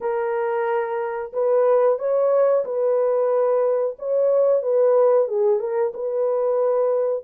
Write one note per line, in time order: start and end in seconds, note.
0.00 1.32 A#4
1.32 1.98 B4
1.98 2.64 C#5
2.64 3.96 B4
3.98 4.62 C#5
4.62 5.27 B4
5.27 5.59 G#4
5.59 5.92 A#4
5.93 7.23 B4